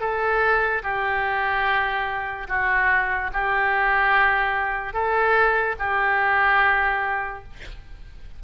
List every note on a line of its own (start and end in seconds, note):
0.00 0.82 A4
0.83 2.47 G4
2.48 3.31 F#4
3.33 4.93 G4
4.93 5.75 A4
5.79 7.43 G4